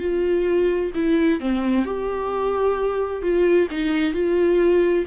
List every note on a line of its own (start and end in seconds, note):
0.00 0.92 F4
0.95 1.40 E4
1.40 1.85 C4
1.85 3.22 G4
3.22 3.68 F4
3.71 4.14 D#4
4.14 5.05 F4